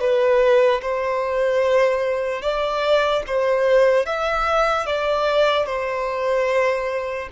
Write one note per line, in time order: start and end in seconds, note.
0.00 0.81 B4
0.81 2.42 C5
2.42 3.23 D5
3.27 4.06 C5
4.06 4.86 E5
4.86 5.66 D5
5.66 7.28 C5